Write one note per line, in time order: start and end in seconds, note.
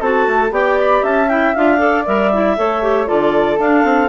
0.00 0.26 C4
0.00 0.50 F#4
0.00 0.51 A4
0.00 0.53 A5
0.27 0.51 A3
0.50 1.02 B3
0.50 1.27 G4
0.50 1.03 D5
0.50 0.78 G5
0.79 1.04 B5
1.02 1.54 C#4
1.02 1.79 E5
1.02 1.28 A5
1.28 1.54 E4
1.28 1.54 G5
1.54 2.07 D4
1.54 1.78 F4
1.54 2.05 F5
1.78 2.03 A4
1.78 2.57 D5
2.05 2.57 G3
2.05 2.31 A#4
2.05 3.07 E5
2.33 2.57 E4
2.57 3.09 A3
2.57 2.82 A4
2.57 3.08 C#5
2.82 3.06 G4
3.06 3.58 D3
3.06 3.58 F4
3.06 4.09 A4
3.06 3.58 D5
3.58 3.84 D4
3.58 4.09 D4
3.58 4.09 F5
3.84 4.09 C4